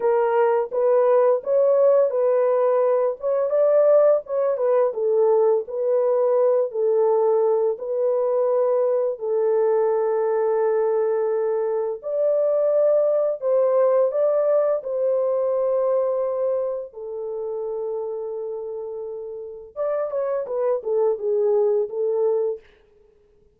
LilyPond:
\new Staff \with { instrumentName = "horn" } { \time 4/4 \tempo 4 = 85 ais'4 b'4 cis''4 b'4~ | b'8 cis''8 d''4 cis''8 b'8 a'4 | b'4. a'4. b'4~ | b'4 a'2.~ |
a'4 d''2 c''4 | d''4 c''2. | a'1 | d''8 cis''8 b'8 a'8 gis'4 a'4 | }